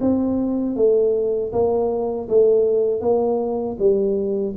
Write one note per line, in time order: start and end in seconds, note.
0.00 0.76 C4
0.76 1.52 A3
1.52 2.28 A#3
2.29 3.00 A3
3.00 3.76 A#3
3.79 4.55 G3